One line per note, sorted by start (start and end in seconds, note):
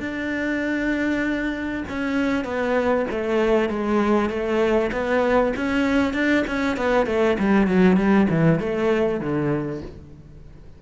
0.00 1.84 D4
1.89 2.45 C#4
2.45 3.06 B3
3.11 3.69 A3
3.69 4.29 G#3
4.29 4.91 A3
4.92 5.53 B3
5.56 6.14 C#4
6.14 6.44 D4
6.47 6.77 C#4
6.77 7.06 B3
7.06 7.37 A3
7.39 7.67 G3
7.67 7.97 F#3
7.97 8.27 G3
8.30 8.59 E3
8.59 9.20 A3
9.20 9.82 D3